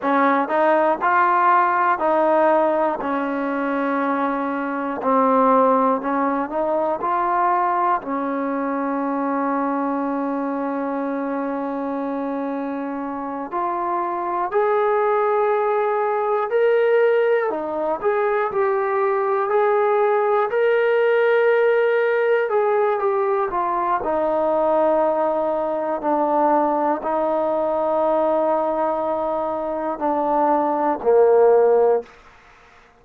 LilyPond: \new Staff \with { instrumentName = "trombone" } { \time 4/4 \tempo 4 = 60 cis'8 dis'8 f'4 dis'4 cis'4~ | cis'4 c'4 cis'8 dis'8 f'4 | cis'1~ | cis'4. f'4 gis'4.~ |
gis'8 ais'4 dis'8 gis'8 g'4 gis'8~ | gis'8 ais'2 gis'8 g'8 f'8 | dis'2 d'4 dis'4~ | dis'2 d'4 ais4 | }